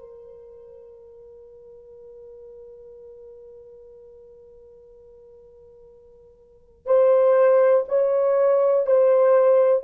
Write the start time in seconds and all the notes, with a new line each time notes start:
0.00 A#4
6.86 C5
7.89 C#5
8.87 C5